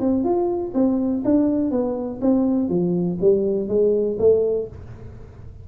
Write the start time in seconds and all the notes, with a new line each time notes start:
0.00 C4
0.24 F4
0.74 C4
1.25 D4
1.71 B3
2.22 C4
2.69 F3
3.21 G3
3.68 G#3
4.19 A3